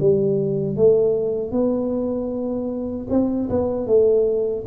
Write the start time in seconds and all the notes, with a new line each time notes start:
0.00 G3
0.76 A3
1.51 B3
3.10 C4
3.49 B3
3.86 A3